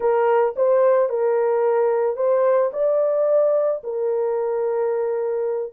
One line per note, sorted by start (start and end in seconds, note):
0.00 0.55 A#4
0.56 1.09 C5
1.09 2.16 A#4
2.16 2.70 C5
2.72 3.82 D5
3.83 5.73 A#4